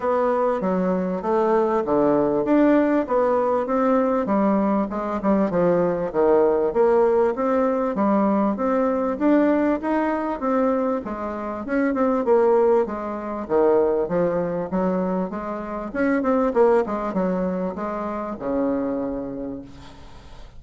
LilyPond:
\new Staff \with { instrumentName = "bassoon" } { \time 4/4 \tempo 4 = 98 b4 fis4 a4 d4 | d'4 b4 c'4 g4 | gis8 g8 f4 dis4 ais4 | c'4 g4 c'4 d'4 |
dis'4 c'4 gis4 cis'8 c'8 | ais4 gis4 dis4 f4 | fis4 gis4 cis'8 c'8 ais8 gis8 | fis4 gis4 cis2 | }